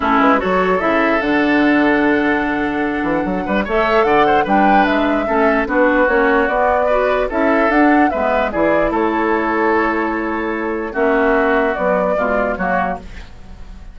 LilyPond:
<<
  \new Staff \with { instrumentName = "flute" } { \time 4/4 \tempo 4 = 148 a'8 b'8 cis''4 e''4 fis''4~ | fis''1~ | fis''4 e''4 fis''4 g''4 | e''2 b'4 cis''4 |
d''2 e''4 fis''4 | e''4 d''4 cis''2~ | cis''2. e''4~ | e''4 d''2 cis''4 | }
  \new Staff \with { instrumentName = "oboe" } { \time 4/4 e'4 a'2.~ | a'1~ | a'8 b'8 cis''4 d''8 c''8 b'4~ | b'4 a'4 fis'2~ |
fis'4 b'4 a'2 | b'4 gis'4 a'2~ | a'2. fis'4~ | fis'2 f'4 fis'4 | }
  \new Staff \with { instrumentName = "clarinet" } { \time 4/4 cis'4 fis'4 e'4 d'4~ | d'1~ | d'4 a'2 d'4~ | d'4 cis'4 d'4 cis'4 |
b4 fis'4 e'4 d'4 | b4 e'2.~ | e'2. cis'4~ | cis'4 fis4 gis4 ais4 | }
  \new Staff \with { instrumentName = "bassoon" } { \time 4/4 a8 gis8 fis4 cis4 d4~ | d2.~ d8 e8 | fis8 g8 a4 d4 g4 | gis4 a4 b4 ais4 |
b2 cis'4 d'4 | gis4 e4 a2~ | a2. ais4~ | ais4 b4 b,4 fis4 | }
>>